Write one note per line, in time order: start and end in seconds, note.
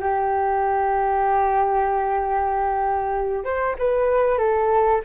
0.00 3.44 G4
3.44 3.75 C5
3.78 4.38 B4
4.38 5.01 A4